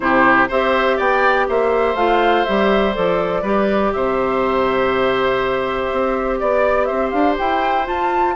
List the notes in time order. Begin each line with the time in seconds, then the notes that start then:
0.00 C3 E4 G4 C5
0.48 C4 G4 C5 E5
0.97 B3 D5 G5
1.48 A#3 C5 E5
1.94 A3 F4 F5
2.45 G3 G4 E5
2.93 F3 A4 D5
3.42 G3 G4 B4
3.93 C3 C5 E5
5.91 C4
6.39 B3 D5
6.84 C4 C5 E5
7.09 D4 F5
7.38 E4 G5
7.85 F4 A5